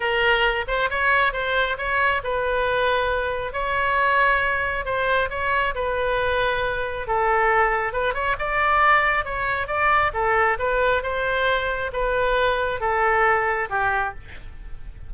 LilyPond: \new Staff \with { instrumentName = "oboe" } { \time 4/4 \tempo 4 = 136 ais'4. c''8 cis''4 c''4 | cis''4 b'2. | cis''2. c''4 | cis''4 b'2. |
a'2 b'8 cis''8 d''4~ | d''4 cis''4 d''4 a'4 | b'4 c''2 b'4~ | b'4 a'2 g'4 | }